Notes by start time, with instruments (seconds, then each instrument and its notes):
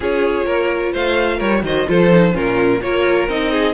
0.00 cello C#4, viola F4, violin G#4 C#5
0.46 cello A#3, violin A#4
0.92 cello A3, violin C5 F5
1.37 cello G3, violin A#4 C#5
1.63 cello D#3, viola F#4, violin C5 D#5
1.86 cello F3, viola F4, violin A4 C5
2.12 viola D#4
2.32 cello A#2, viola C#4, violin F4 A#4
2.81 cello A#3, viola F4, violin A#4 C#5
3.28 cello C4, viola D#4, violin D#5
3.51 violin G#4